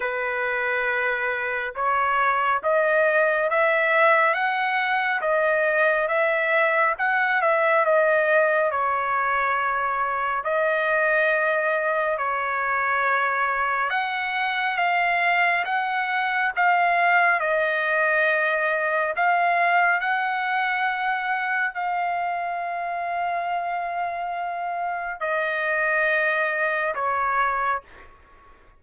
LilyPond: \new Staff \with { instrumentName = "trumpet" } { \time 4/4 \tempo 4 = 69 b'2 cis''4 dis''4 | e''4 fis''4 dis''4 e''4 | fis''8 e''8 dis''4 cis''2 | dis''2 cis''2 |
fis''4 f''4 fis''4 f''4 | dis''2 f''4 fis''4~ | fis''4 f''2.~ | f''4 dis''2 cis''4 | }